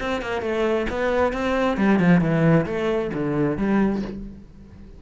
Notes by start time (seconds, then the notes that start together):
0.00 C4
0.22 A#3
0.42 A3
0.90 B3
1.33 C4
1.77 G3
1.99 F3
2.21 E3
2.66 A3
3.14 D3
3.58 G3